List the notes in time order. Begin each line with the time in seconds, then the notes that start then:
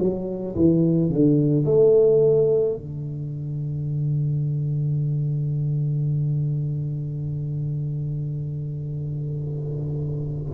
0.00 F#3
0.56 E3
1.10 D3
1.66 A3
2.76 D3